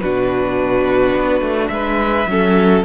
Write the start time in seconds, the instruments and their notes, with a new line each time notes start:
0.00 cello B2, viola D4, violin F#4 B4
1.15 cello B3
1.41 cello A3
1.68 cello G#3, violin B4 E5
2.27 cello F#3, viola C#4, violin A4